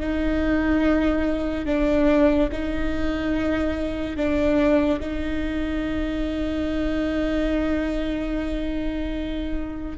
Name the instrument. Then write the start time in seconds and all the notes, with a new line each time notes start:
viola
0.00 D#4
1.66 D4
2.52 D#4
4.17 D4
5.00 D#4